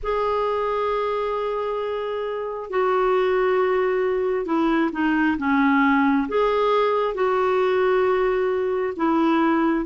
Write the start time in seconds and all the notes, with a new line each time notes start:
0.02 G#4
2.69 F#4
4.45 E4
4.92 D#4
5.37 C#4
6.28 G#4
7.14 F#4
8.96 E4